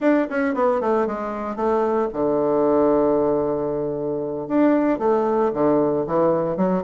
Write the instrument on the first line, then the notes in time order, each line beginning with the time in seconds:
bassoon
0.00 D4
0.29 C#4
0.54 B3
0.80 A3
1.06 G#3
1.56 A3
2.13 D3
4.47 D4
4.99 A3
5.53 D3
6.06 E3
6.56 F#3